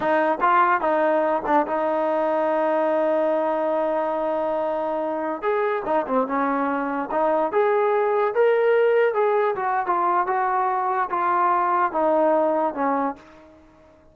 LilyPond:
\new Staff \with { instrumentName = "trombone" } { \time 4/4 \tempo 4 = 146 dis'4 f'4 dis'4. d'8 | dis'1~ | dis'1~ | dis'4~ dis'16 gis'4 dis'8 c'8 cis'8.~ |
cis'4~ cis'16 dis'4 gis'4.~ gis'16~ | gis'16 ais'2 gis'4 fis'8. | f'4 fis'2 f'4~ | f'4 dis'2 cis'4 | }